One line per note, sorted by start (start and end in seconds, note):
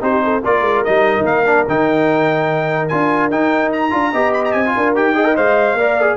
0.00 0.42 C4
0.00 0.41 D#4
0.00 0.22 G4
0.00 0.44 C5
0.23 0.43 A4
0.43 0.61 A#3
0.43 0.85 F4
0.43 4.11 A#4
0.43 0.84 D5
0.61 0.82 G#3
0.84 1.17 G3
0.84 1.45 D#4
0.84 1.25 D#5
1.17 1.23 D#3
1.23 1.64 A#3
1.23 1.67 F5
1.45 1.65 D4
1.67 2.91 D#3
1.67 2.90 D#4
1.67 2.88 G5
2.88 3.30 D4
2.88 3.31 F4
2.88 3.29 G#5
3.30 3.92 D#4
3.30 3.90 D#4
3.30 3.72 G5
3.72 4.33 A#5
3.90 4.13 D4
3.90 4.11 F4
4.11 4.54 B3
4.11 4.65 G4
4.11 4.73 D#5
4.33 4.43 B5
4.44 4.51 A#5
4.51 4.74 C4
4.51 4.92 G#5
4.65 4.95 F4
4.76 4.97 D4
4.76 5.15 A#4
4.95 5.37 D#4
4.95 5.14 G4
4.95 5.36 G5
5.14 5.24 G#4
5.14 5.77 D#5
5.24 5.34 A#4
5.35 5.74 G#3
5.35 5.76 C5
5.35 6.16 F5
5.74 6.15 A#3
5.74 6.00 A#4
5.74 6.16 D5
6.00 6.16 G#4